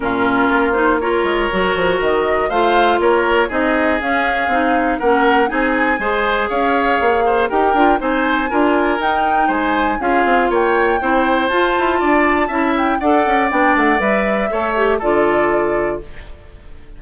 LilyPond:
<<
  \new Staff \with { instrumentName = "flute" } { \time 4/4 \tempo 4 = 120 ais'4. c''8 cis''2 | dis''4 f''4 cis''4 dis''4 | f''2 fis''4 gis''4~ | gis''4 f''2 g''4 |
gis''2 g''4 gis''4 | f''4 g''2 a''4~ | a''4. g''8 fis''4 g''8 fis''8 | e''2 d''2 | }
  \new Staff \with { instrumentName = "oboe" } { \time 4/4 f'2 ais'2~ | ais'4 c''4 ais'4 gis'4~ | gis'2 ais'4 gis'4 | c''4 cis''4. c''8 ais'4 |
c''4 ais'2 c''4 | gis'4 cis''4 c''2 | d''4 e''4 d''2~ | d''4 cis''4 a'2 | }
  \new Staff \with { instrumentName = "clarinet" } { \time 4/4 cis'4. dis'8 f'4 fis'4~ | fis'4 f'2 dis'4 | cis'4 dis'4 cis'4 dis'4 | gis'2. g'8 f'8 |
dis'4 f'4 dis'2 | f'2 e'4 f'4~ | f'4 e'4 a'4 d'4 | b'4 a'8 g'8 f'2 | }
  \new Staff \with { instrumentName = "bassoon" } { \time 4/4 ais,4 ais4. gis8 fis8 f8 | dis4 a4 ais4 c'4 | cis'4 c'4 ais4 c'4 | gis4 cis'4 ais4 dis'8 d'8 |
c'4 d'4 dis'4 gis4 | cis'8 c'8 ais4 c'4 f'8 e'8 | d'4 cis'4 d'8 cis'8 b8 a8 | g4 a4 d2 | }
>>